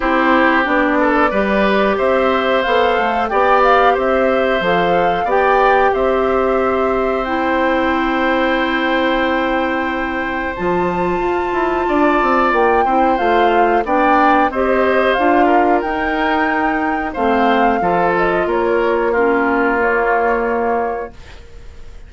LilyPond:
<<
  \new Staff \with { instrumentName = "flute" } { \time 4/4 \tempo 4 = 91 c''4 d''2 e''4 | f''4 g''8 f''8 e''4 f''4 | g''4 e''2 g''4~ | g''1 |
a''2. g''4 | f''4 g''4 dis''4 f''4 | g''2 f''4. dis''8 | cis''4 ais'4 cis''2 | }
  \new Staff \with { instrumentName = "oboe" } { \time 4/4 g'4. a'8 b'4 c''4~ | c''4 d''4 c''2 | d''4 c''2.~ | c''1~ |
c''2 d''4. c''8~ | c''4 d''4 c''4. ais'8~ | ais'2 c''4 a'4 | ais'4 f'2. | }
  \new Staff \with { instrumentName = "clarinet" } { \time 4/4 e'4 d'4 g'2 | a'4 g'2 a'4 | g'2. e'4~ | e'1 |
f'2.~ f'8 e'8 | f'4 d'4 g'4 f'4 | dis'2 c'4 f'4~ | f'4 cis'4 ais2 | }
  \new Staff \with { instrumentName = "bassoon" } { \time 4/4 c'4 b4 g4 c'4 | b8 a8 b4 c'4 f4 | b4 c'2.~ | c'1 |
f4 f'8 e'8 d'8 c'8 ais8 c'8 | a4 b4 c'4 d'4 | dis'2 a4 f4 | ais1 | }
>>